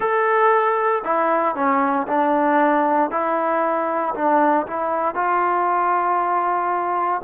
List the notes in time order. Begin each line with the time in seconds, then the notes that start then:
0.00 A4
1.04 E4
1.55 C#4
2.07 D4
3.10 E4
4.14 D4
4.66 E4
5.14 F4